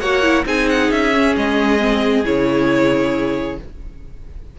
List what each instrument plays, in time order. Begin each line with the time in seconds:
0.00 cello A#3, viola F#4, violin C#5 F#5
0.22 viola E4
0.45 cello C4, viola D#4, violin G#4 G#5
0.69 violin F#5
0.91 cello C#4, violin E5
1.13 viola C#4
1.36 cello G#3, violin D#5
1.78 viola C4
2.24 cello C#3, viola E4, violin C#5